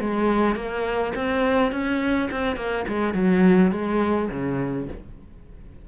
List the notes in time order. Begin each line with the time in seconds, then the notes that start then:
0.00 G#3
0.55 A#3
1.15 C4
1.72 C#4
2.31 C4
2.56 A#3
2.88 G#3
3.14 F#3
3.72 G#3
4.30 C#3